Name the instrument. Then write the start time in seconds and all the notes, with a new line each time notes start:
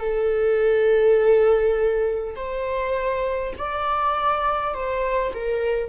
viola
0.00 A4
2.36 C5
3.58 D5
4.74 C5
5.34 A#4